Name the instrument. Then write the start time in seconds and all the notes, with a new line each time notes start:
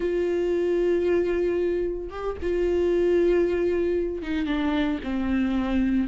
viola
0.00 F4
2.10 G4
2.42 F4
4.22 D#4
4.46 D4
5.03 C4